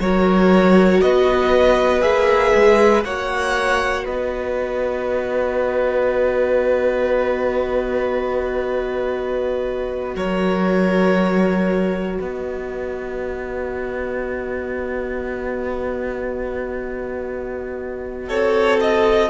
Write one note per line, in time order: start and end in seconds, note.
0.00 1.02 F#3
0.00 2.01 F#4
0.00 1.03 A#4
0.00 1.01 C#5
1.01 2.03 B3
1.01 3.05 B4
1.01 2.02 D#5
2.01 2.53 A#3
2.01 3.02 G#4
2.01 3.04 E5
2.55 3.04 G#3
3.04 4.06 A#3
3.04 19.30 F#4
3.04 4.05 C#5
3.04 4.06 F#5
4.05 10.15 B3
4.05 10.15 B4
4.05 10.16 D#5
10.15 12.19 F#3
10.15 12.18 A#4
10.15 12.20 C#5
12.18 18.30 B3
12.18 18.28 B4
12.18 18.29 D#5
18.28 19.30 C4
18.28 19.29 A4
18.28 18.80 C#5
18.81 19.30 D#5